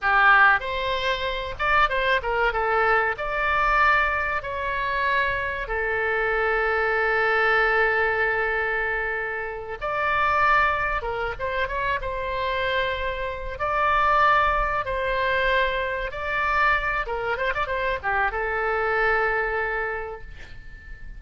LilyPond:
\new Staff \with { instrumentName = "oboe" } { \time 4/4 \tempo 4 = 95 g'4 c''4. d''8 c''8 ais'8 | a'4 d''2 cis''4~ | cis''4 a'2.~ | a'2.~ a'8 d''8~ |
d''4. ais'8 c''8 cis''8 c''4~ | c''4. d''2 c''8~ | c''4. d''4. ais'8 c''16 d''16 | c''8 g'8 a'2. | }